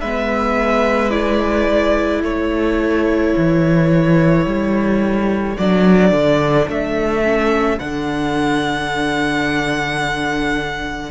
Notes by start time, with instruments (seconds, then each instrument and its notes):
0.00 cello G#3, viola B3, violin B4 E5
1.10 viola E4, violin D5
2.22 cello A3, violin A4 C#5
3.37 cello E3
4.45 cello G3
5.57 cello F#3, viola D4, violin D5
6.11 cello D3
6.68 cello A3, violin E5
7.23 viola C#4
7.78 cello D3, viola D4, violin F#5